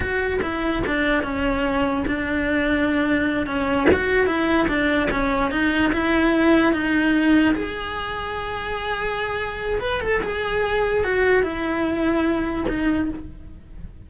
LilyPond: \new Staff \with { instrumentName = "cello" } { \time 4/4 \tempo 4 = 147 fis'4 e'4 d'4 cis'4~ | cis'4 d'2.~ | d'8 cis'4 fis'4 e'4 d'8~ | d'8 cis'4 dis'4 e'4.~ |
e'8 dis'2 gis'4.~ | gis'1 | b'8 a'8 gis'2 fis'4 | e'2. dis'4 | }